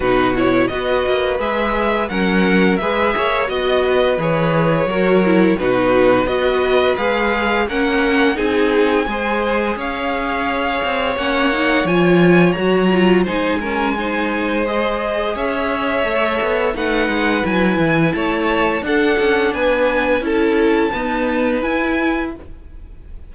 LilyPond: <<
  \new Staff \with { instrumentName = "violin" } { \time 4/4 \tempo 4 = 86 b'8 cis''8 dis''4 e''4 fis''4 | e''4 dis''4 cis''2 | b'4 dis''4 f''4 fis''4 | gis''2 f''2 |
fis''4 gis''4 ais''4 gis''4~ | gis''4 dis''4 e''2 | fis''4 gis''4 a''4 fis''4 | gis''4 a''2 gis''4 | }
  \new Staff \with { instrumentName = "violin" } { \time 4/4 fis'4 b'2 ais'4 | b'8 cis''8 dis''8 b'4. ais'4 | fis'4 b'2 ais'4 | gis'4 c''4 cis''2~ |
cis''2. c''8 ais'8 | c''2 cis''2 | b'2 cis''4 a'4 | b'4 a'4 b'2 | }
  \new Staff \with { instrumentName = "viola" } { \time 4/4 dis'8 e'8 fis'4 gis'4 cis'4 | gis'4 fis'4 gis'4 fis'8 e'8 | dis'4 fis'4 gis'4 cis'4 | dis'4 gis'2. |
cis'8 dis'8 f'4 fis'8 f'8 dis'8 cis'8 | dis'4 gis'2 a'4 | dis'4 e'2 d'4~ | d'4 e'4 b4 e'4 | }
  \new Staff \with { instrumentName = "cello" } { \time 4/4 b,4 b8 ais8 gis4 fis4 | gis8 ais8 b4 e4 fis4 | b,4 b4 gis4 ais4 | c'4 gis4 cis'4. c'8 |
ais4 f4 fis4 gis4~ | gis2 cis'4 a8 b8 | a8 gis8 fis8 e8 a4 d'8 cis'8 | b4 cis'4 dis'4 e'4 | }
>>